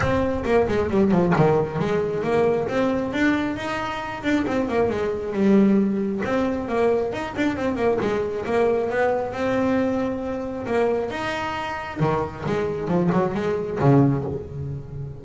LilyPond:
\new Staff \with { instrumentName = "double bass" } { \time 4/4 \tempo 4 = 135 c'4 ais8 gis8 g8 f8 dis4 | gis4 ais4 c'4 d'4 | dis'4. d'8 c'8 ais8 gis4 | g2 c'4 ais4 |
dis'8 d'8 c'8 ais8 gis4 ais4 | b4 c'2. | ais4 dis'2 dis4 | gis4 f8 fis8 gis4 cis4 | }